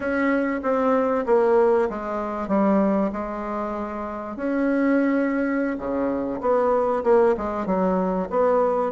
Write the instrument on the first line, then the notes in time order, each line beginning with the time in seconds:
bassoon
0.00 C#4
0.62 C4
1.26 A#3
1.89 G#3
2.48 G3
3.12 G#3
4.36 C#4
5.78 C#3
6.41 B3
7.03 A#3
7.37 G#3
7.66 F#3
8.30 B3